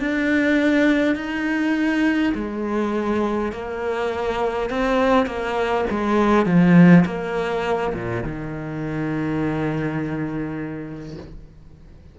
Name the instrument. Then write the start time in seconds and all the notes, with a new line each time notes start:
cello
0.00 D4
1.16 D#4
2.34 G#3
3.52 A#3
4.70 C4
5.26 A#3
5.90 G#3
6.45 F3
7.05 A#3
7.94 A#2
8.23 D#3